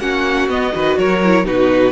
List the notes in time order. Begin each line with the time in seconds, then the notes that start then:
0.00 A#3 C#4 F#4 F#5
0.48 B3 D#5
0.72 D#3 F#4 B4
0.98 F#3 A#4 C#5
1.23 E4
1.45 B2 D#4 F#4 B4